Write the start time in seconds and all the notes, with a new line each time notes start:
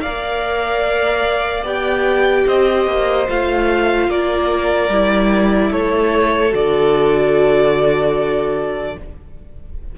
0.00 A#4 D5 F5
0.06 A#3
1.63 B3 G4 G5
2.46 C4 C5 D#5
2.86 A#3
3.28 A3 F4 F5
4.08 A#3 A#4 D5
4.88 G3 E4
5.70 A3 A4 C#5
6.50 D3 F#4 D5